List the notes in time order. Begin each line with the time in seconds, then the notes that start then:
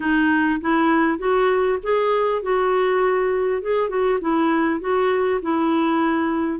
0.00 D#4
0.60 E4
1.18 F#4
1.82 G#4
2.42 F#4
3.62 G#4
3.89 F#4
4.20 E4
4.80 F#4
5.41 E4